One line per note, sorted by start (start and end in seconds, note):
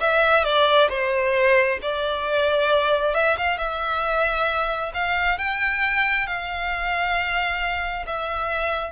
0.00 0.44 E5
0.44 0.88 D5
0.89 1.79 C5
1.82 3.14 D5
3.14 3.37 E5
3.37 3.57 F5
3.57 4.92 E5
4.94 5.39 F5
5.39 6.26 G5
6.26 8.06 F5
8.06 8.92 E5